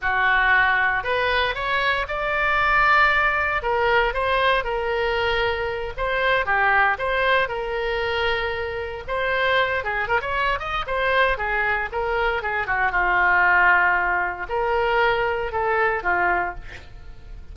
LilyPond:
\new Staff \with { instrumentName = "oboe" } { \time 4/4 \tempo 4 = 116 fis'2 b'4 cis''4 | d''2. ais'4 | c''4 ais'2~ ais'8 c''8~ | c''8 g'4 c''4 ais'4.~ |
ais'4. c''4. gis'8 ais'16 cis''16~ | cis''8 dis''8 c''4 gis'4 ais'4 | gis'8 fis'8 f'2. | ais'2 a'4 f'4 | }